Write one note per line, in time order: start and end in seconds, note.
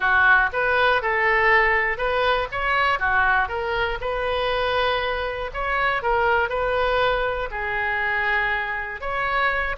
0.00 0.50 F#4
0.52 1.01 B4
1.01 1.97 A4
1.97 2.48 B4
2.51 2.99 C#5
2.99 3.48 F#4
3.48 3.98 A#4
4.00 5.50 B4
5.53 6.02 C#5
6.02 6.49 A#4
6.49 7.49 B4
7.50 9.00 G#4
9.00 9.75 C#5